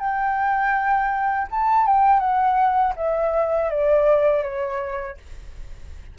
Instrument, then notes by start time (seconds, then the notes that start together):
flute
0.00 G5
1.51 A5
1.87 G5
2.20 F#5
2.97 E5
3.71 D5
4.43 C#5